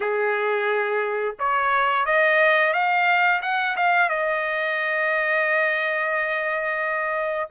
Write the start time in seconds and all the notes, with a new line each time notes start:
0.00 G#4
1.39 C#5
2.05 D#5
2.73 F5
3.42 F#5
3.76 F5
4.09 D#5